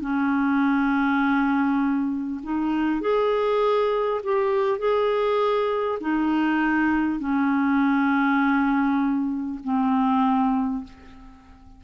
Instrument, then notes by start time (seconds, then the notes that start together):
clarinet
0.00 C#4
2.43 D#4
3.01 G#4
4.23 G4
4.78 G#4
6.00 D#4
7.19 C#4
9.64 C4